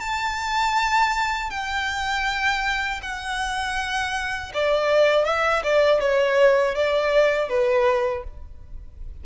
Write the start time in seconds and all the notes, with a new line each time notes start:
0.00 A5
1.50 G5
3.02 F#5
4.54 D5
5.25 E5
5.63 D5
6.00 C#5
6.75 D5
7.49 B4